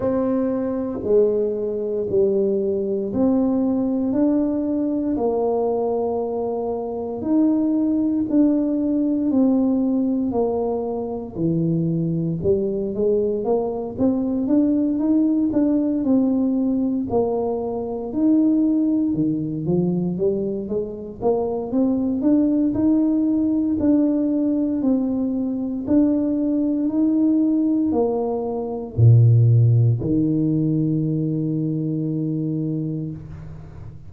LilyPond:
\new Staff \with { instrumentName = "tuba" } { \time 4/4 \tempo 4 = 58 c'4 gis4 g4 c'4 | d'4 ais2 dis'4 | d'4 c'4 ais4 e4 | g8 gis8 ais8 c'8 d'8 dis'8 d'8 c'8~ |
c'8 ais4 dis'4 dis8 f8 g8 | gis8 ais8 c'8 d'8 dis'4 d'4 | c'4 d'4 dis'4 ais4 | ais,4 dis2. | }